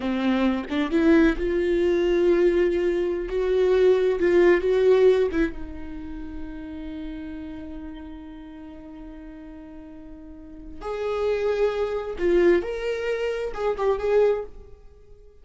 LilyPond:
\new Staff \with { instrumentName = "viola" } { \time 4/4 \tempo 4 = 133 c'4. d'8 e'4 f'4~ | f'2.~ f'16 fis'8.~ | fis'4~ fis'16 f'4 fis'4. e'16~ | e'16 dis'2.~ dis'8.~ |
dis'1~ | dis'1 | gis'2. f'4 | ais'2 gis'8 g'8 gis'4 | }